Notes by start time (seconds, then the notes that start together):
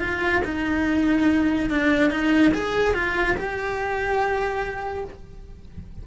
0.00 F4
0.45 D#4
1.70 D4
2.10 D#4
2.54 G#4
2.94 F4
3.37 G4